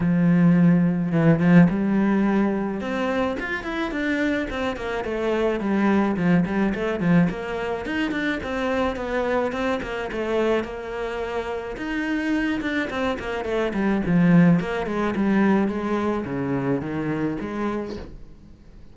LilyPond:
\new Staff \with { instrumentName = "cello" } { \time 4/4 \tempo 4 = 107 f2 e8 f8 g4~ | g4 c'4 f'8 e'8 d'4 | c'8 ais8 a4 g4 f8 g8 | a8 f8 ais4 dis'8 d'8 c'4 |
b4 c'8 ais8 a4 ais4~ | ais4 dis'4. d'8 c'8 ais8 | a8 g8 f4 ais8 gis8 g4 | gis4 cis4 dis4 gis4 | }